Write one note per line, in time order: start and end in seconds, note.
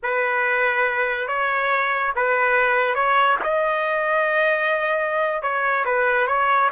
0.03 1.27 B4
1.27 2.12 C#5
2.15 2.94 B4
2.94 3.37 C#5
3.43 5.42 D#5
5.42 5.84 C#5
5.85 6.27 B4
6.27 6.69 C#5